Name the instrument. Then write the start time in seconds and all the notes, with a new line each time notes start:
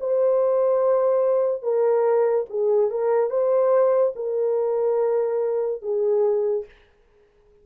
horn
0.00 C5
1.62 A#4
2.50 G#4
2.90 A#4
3.30 C5
4.16 A#4
5.82 G#4